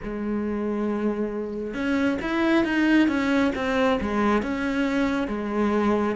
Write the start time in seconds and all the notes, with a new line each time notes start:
0.03 G#3
1.74 C#4
2.21 E4
2.64 D#4
3.08 C#4
3.55 C4
4.00 G#3
4.42 C#4
5.27 G#3